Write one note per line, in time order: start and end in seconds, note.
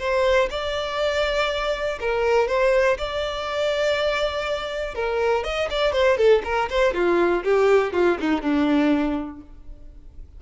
0.00 0.50 C5
0.51 1.99 D5
2.01 2.48 A#4
2.48 2.98 C5
2.98 4.95 D5
4.95 5.44 A#4
5.44 5.69 D#5
5.71 5.93 D5
5.93 6.18 C5
6.18 6.43 A4
6.45 6.69 A#4
6.70 6.94 C5
6.94 7.44 F4
7.44 7.93 G4
7.93 8.18 F4
8.21 8.42 D#4
8.42 9.41 D4